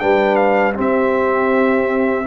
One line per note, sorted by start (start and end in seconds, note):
0.00 0.78 G3
0.00 0.74 D4
0.00 0.76 B4
0.00 0.36 G5
0.36 0.73 F5
0.74 2.24 C4
0.74 2.27 C4
0.74 2.26 G4
0.81 2.27 E5